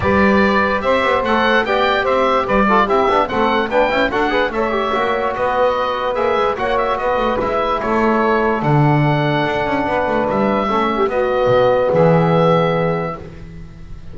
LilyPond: <<
  \new Staff \with { instrumentName = "oboe" } { \time 4/4 \tempo 4 = 146 d''2 e''4 fis''4 | g''4 e''4 d''4 e''4 | fis''4 g''4 fis''4 e''4~ | e''4 dis''2 e''4 |
fis''8 e''8 dis''4 e''4 cis''4~ | cis''4 fis''2.~ | fis''4 e''2 dis''4~ | dis''4 e''2. | }
  \new Staff \with { instrumentName = "saxophone" } { \time 4/4 b'2 c''2 | d''4 c''4 b'8 a'8 g'4 | a'4 b'4 a'8 b'8 cis''4~ | cis''4 b'2. |
cis''4 b'2 a'4~ | a'1 | b'2 a'8 g'8 fis'4~ | fis'4 gis'2. | }
  \new Staff \with { instrumentName = "trombone" } { \time 4/4 g'2. a'4 | g'2~ g'8 f'8 e'8 d'8 | c'4 d'8 e'8 fis'8 gis'8 a'8 g'8 | fis'2. gis'4 |
fis'2 e'2~ | e'4 d'2.~ | d'2 cis'4 b4~ | b1 | }
  \new Staff \with { instrumentName = "double bass" } { \time 4/4 g2 c'8 b8 a4 | b4 c'4 g4 c'8 b8 | a4 b8 cis'8 d'4 a4 | ais4 b2 ais8 gis8 |
ais4 b8 a8 gis4 a4~ | a4 d2 d'8 cis'8 | b8 a8 g4 a4 b4 | b,4 e2. | }
>>